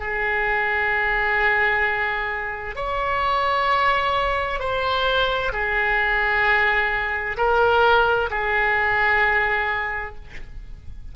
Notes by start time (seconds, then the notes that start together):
0.00 G#4
2.76 C#5
4.60 C5
5.53 G#4
7.38 A#4
8.31 G#4